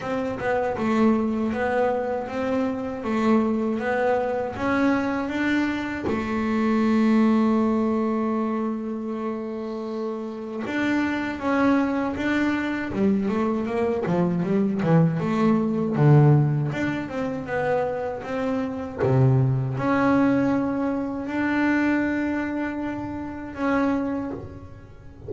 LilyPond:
\new Staff \with { instrumentName = "double bass" } { \time 4/4 \tempo 4 = 79 c'8 b8 a4 b4 c'4 | a4 b4 cis'4 d'4 | a1~ | a2 d'4 cis'4 |
d'4 g8 a8 ais8 f8 g8 e8 | a4 d4 d'8 c'8 b4 | c'4 c4 cis'2 | d'2. cis'4 | }